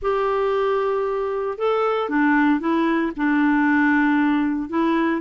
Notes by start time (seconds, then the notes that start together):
0.01 G4
1.57 A4
2.09 D4
2.59 E4
3.16 D4
4.69 E4